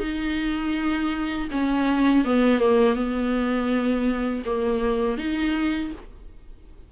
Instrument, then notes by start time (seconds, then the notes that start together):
viola
0.00 D#4
1.51 C#4
2.25 B3
2.60 A#3
2.95 B3
4.46 A#3
5.18 D#4